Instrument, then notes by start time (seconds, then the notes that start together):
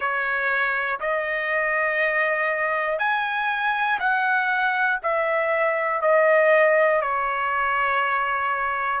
trumpet
0.00 C#5
1.00 D#5
2.98 G#5
4.00 F#5
5.02 E5
6.01 D#5
7.01 C#5